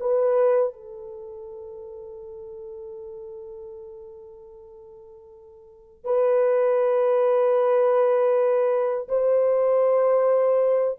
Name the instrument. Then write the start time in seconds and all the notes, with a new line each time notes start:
horn
0.00 B4
0.73 A4
6.04 B4
9.08 C5